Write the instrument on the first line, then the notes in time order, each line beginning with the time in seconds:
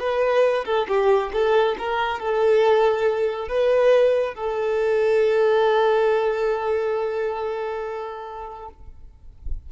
violin
0.00 B4
0.66 A4
0.89 G4
1.33 A4
1.79 A#4
2.20 A4
3.49 B4
4.35 A4